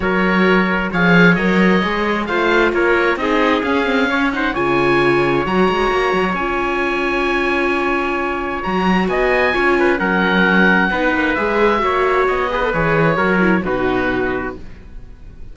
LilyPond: <<
  \new Staff \with { instrumentName = "oboe" } { \time 4/4 \tempo 4 = 132 cis''2 f''4 dis''4~ | dis''4 f''4 cis''4 dis''4 | f''4. fis''8 gis''2 | ais''2 gis''2~ |
gis''2. ais''4 | gis''2 fis''2~ | fis''4 e''2 dis''4 | cis''2 b'2 | }
  \new Staff \with { instrumentName = "trumpet" } { \time 4/4 ais'2 cis''2~ | cis''4 c''4 ais'4 gis'4~ | gis'4 cis''8 c''8 cis''2~ | cis''1~ |
cis''1 | dis''4 cis''8 b'8 ais'2 | b'2 cis''4. b'8~ | b'4 ais'4 fis'2 | }
  \new Staff \with { instrumentName = "viola" } { \time 4/4 fis'2 gis'4 ais'4 | gis'4 f'2 dis'4 | cis'8 c'8 cis'8 dis'8 f'2 | fis'2 f'2~ |
f'2. fis'4~ | fis'4 f'4 cis'2 | dis'4 gis'4 fis'4. gis'16 a'16 | gis'4 fis'8 e'8 dis'2 | }
  \new Staff \with { instrumentName = "cello" } { \time 4/4 fis2 f4 fis4 | gis4 a4 ais4 c'4 | cis'2 cis2 | fis8 gis8 ais8 fis8 cis'2~ |
cis'2. fis4 | b4 cis'4 fis2 | b8 ais8 gis4 ais4 b4 | e4 fis4 b,2 | }
>>